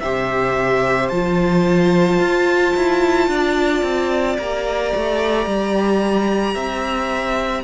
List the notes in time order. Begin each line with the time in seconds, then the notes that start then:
0.00 C3 G4 C5 E5
1.09 F3 F4 A5
2.19 F4
2.76 E4
3.28 D4 D5
3.82 C4
4.37 A#3 G4 A#5
4.95 A3
5.46 G3
6.54 C4 E5